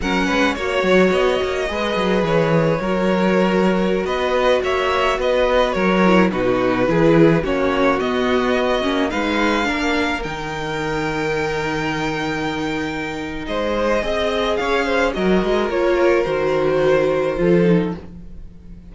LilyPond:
<<
  \new Staff \with { instrumentName = "violin" } { \time 4/4 \tempo 4 = 107 fis''4 cis''4 dis''2 | cis''2.~ cis''16 dis''8.~ | dis''16 e''4 dis''4 cis''4 b'8.~ | b'4~ b'16 cis''4 dis''4.~ dis''16~ |
dis''16 f''2 g''4.~ g''16~ | g''1 | dis''2 f''4 dis''4 | cis''4 c''2. | }
  \new Staff \with { instrumentName = "violin" } { \time 4/4 ais'8 b'8 cis''2 b'4~ | b'4 ais'2~ ais'16 b'8.~ | b'16 cis''4 b'4 ais'4 fis'8.~ | fis'16 gis'4 fis'2~ fis'8.~ |
fis'16 b'4 ais'2~ ais'8.~ | ais'1 | c''4 dis''4 cis''8 c''8 ais'4~ | ais'2. a'4 | }
  \new Staff \with { instrumentName = "viola" } { \time 4/4 cis'4 fis'2 gis'4~ | gis'4 fis'2.~ | fis'2~ fis'8. e'8 dis'8.~ | dis'16 e'4 cis'4 b4. cis'16~ |
cis'16 dis'4 d'4 dis'4.~ dis'16~ | dis'1~ | dis'4 gis'2 fis'4 | f'4 fis'2 f'8 dis'8 | }
  \new Staff \with { instrumentName = "cello" } { \time 4/4 fis8 gis8 ais8 fis8 b8 ais8 gis8 fis8 | e4 fis2~ fis16 b8.~ | b16 ais4 b4 fis4 b,8.~ | b,16 e4 ais4 b4. ais16~ |
ais16 gis4 ais4 dis4.~ dis16~ | dis1 | gis4 c'4 cis'4 fis8 gis8 | ais4 dis2 f4 | }
>>